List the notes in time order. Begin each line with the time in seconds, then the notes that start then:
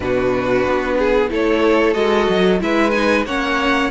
0.00 B2 D4 F#4 B4
0.66 B3
0.97 G#4
1.29 A3 E4 A4 C#5
1.94 G#3 F#4 D#5
2.29 F#3
2.59 G#3 E4 B4 E5
2.90 D#4 G#5
3.25 A#3 C#4 C#5 F#5